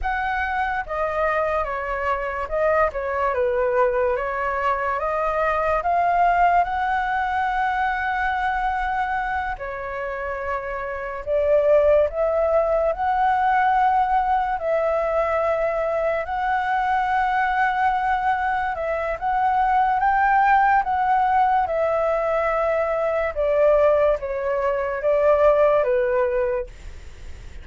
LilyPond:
\new Staff \with { instrumentName = "flute" } { \time 4/4 \tempo 4 = 72 fis''4 dis''4 cis''4 dis''8 cis''8 | b'4 cis''4 dis''4 f''4 | fis''2.~ fis''8 cis''8~ | cis''4. d''4 e''4 fis''8~ |
fis''4. e''2 fis''8~ | fis''2~ fis''8 e''8 fis''4 | g''4 fis''4 e''2 | d''4 cis''4 d''4 b'4 | }